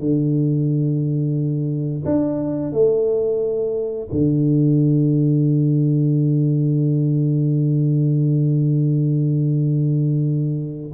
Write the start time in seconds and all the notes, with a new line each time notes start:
0.00 D3
2.05 D4
2.73 A3
4.12 D3